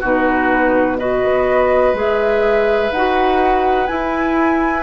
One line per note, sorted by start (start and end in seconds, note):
0.00 1.22 B2
0.00 0.98 D#4
0.00 0.97 F#4
0.00 0.98 B4
0.98 1.94 F#4
0.98 4.83 B4
0.98 1.95 D#5
1.22 1.93 B3
1.93 2.90 G#3
1.93 2.91 G#4
1.93 2.92 E5
2.91 3.88 D#4
2.91 3.87 F#4
2.91 3.87 F#5
3.87 4.83 E4
3.87 4.83 G#5